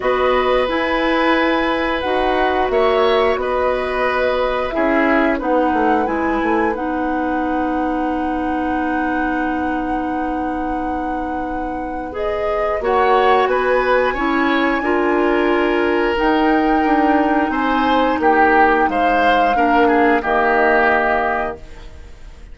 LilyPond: <<
  \new Staff \with { instrumentName = "flute" } { \time 4/4 \tempo 4 = 89 dis''4 gis''2 fis''4 | e''4 dis''2 e''4 | fis''4 gis''4 fis''2~ | fis''1~ |
fis''2 dis''4 fis''4 | gis''1 | g''2 gis''4 g''4 | f''2 dis''2 | }
  \new Staff \with { instrumentName = "oboe" } { \time 4/4 b'1 | cis''4 b'2 gis'4 | b'1~ | b'1~ |
b'2. cis''4 | b'4 cis''4 ais'2~ | ais'2 c''4 g'4 | c''4 ais'8 gis'8 g'2 | }
  \new Staff \with { instrumentName = "clarinet" } { \time 4/4 fis'4 e'2 fis'4~ | fis'2. e'4 | dis'4 e'4 dis'2~ | dis'1~ |
dis'2 gis'4 fis'4~ | fis'4 e'4 f'2 | dis'1~ | dis'4 d'4 ais2 | }
  \new Staff \with { instrumentName = "bassoon" } { \time 4/4 b4 e'2 dis'4 | ais4 b2 cis'4 | b8 a8 gis8 a8 b2~ | b1~ |
b2. ais4 | b4 cis'4 d'2 | dis'4 d'4 c'4 ais4 | gis4 ais4 dis2 | }
>>